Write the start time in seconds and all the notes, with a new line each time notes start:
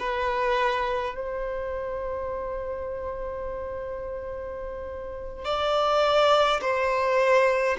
0.00 B4
1.15 C5
5.45 D5
6.61 C5